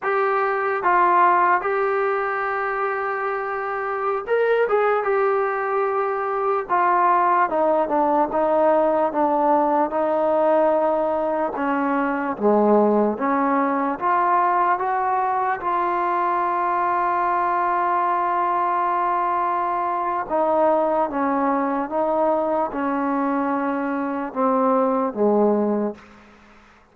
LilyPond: \new Staff \with { instrumentName = "trombone" } { \time 4/4 \tempo 4 = 74 g'4 f'4 g'2~ | g'4~ g'16 ais'8 gis'8 g'4.~ g'16~ | g'16 f'4 dis'8 d'8 dis'4 d'8.~ | d'16 dis'2 cis'4 gis8.~ |
gis16 cis'4 f'4 fis'4 f'8.~ | f'1~ | f'4 dis'4 cis'4 dis'4 | cis'2 c'4 gis4 | }